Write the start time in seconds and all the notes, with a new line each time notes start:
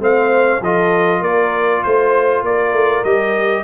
0.00 A3 C4 C5 F5
0.62 F3 F4 A4 D#5
1.21 A#3 A#4 D5
1.84 A3 C5
2.43 A#3 A#4 D5
2.73 A3
3.04 G3 G4 D#5